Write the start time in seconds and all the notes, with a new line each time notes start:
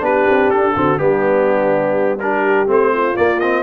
0.00 B3 D4 G4 B4
0.29 C4
0.50 D4 A4
0.76 D3 C4 F#4
0.98 G3 B3 D4 G4
2.19 D4 G4 A#4
2.67 A3 C4 C5
2.93 F4
3.17 A#3 D5
3.40 C4 D#5